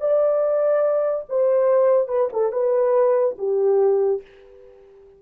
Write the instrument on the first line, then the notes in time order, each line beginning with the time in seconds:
horn
0.00 D5
1.28 C5
2.08 B4
2.32 A4
2.52 B4
3.38 G4